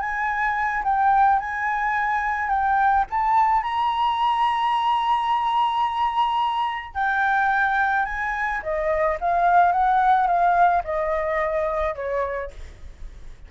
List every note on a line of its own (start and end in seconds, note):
0.00 0.83 G#5
0.84 1.40 G5
1.40 2.50 G#5
2.50 3.06 G5
3.11 3.63 A5
3.63 6.95 A#5
6.95 8.06 G5
8.06 8.61 G#5
8.63 9.18 D#5
9.21 9.72 F5
9.72 10.27 F#5
10.27 10.83 F5
10.85 11.95 D#5
11.95 12.51 C#5